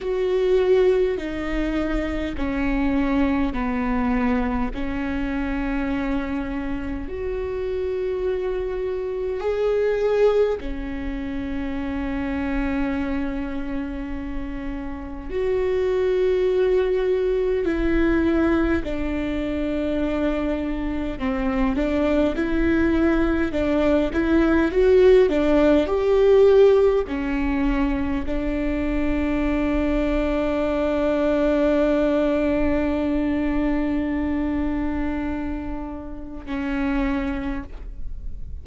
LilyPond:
\new Staff \with { instrumentName = "viola" } { \time 4/4 \tempo 4 = 51 fis'4 dis'4 cis'4 b4 | cis'2 fis'2 | gis'4 cis'2.~ | cis'4 fis'2 e'4 |
d'2 c'8 d'8 e'4 | d'8 e'8 fis'8 d'8 g'4 cis'4 | d'1~ | d'2. cis'4 | }